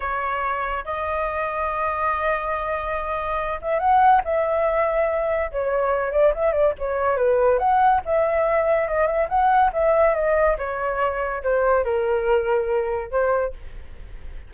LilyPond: \new Staff \with { instrumentName = "flute" } { \time 4/4 \tempo 4 = 142 cis''2 dis''2~ | dis''1~ | dis''8 e''8 fis''4 e''2~ | e''4 cis''4. d''8 e''8 d''8 |
cis''4 b'4 fis''4 e''4~ | e''4 dis''8 e''8 fis''4 e''4 | dis''4 cis''2 c''4 | ais'2. c''4 | }